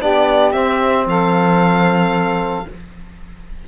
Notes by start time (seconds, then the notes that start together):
0.00 B3 D4 G4 D5
0.52 C4 E5
1.06 F3 A4 F5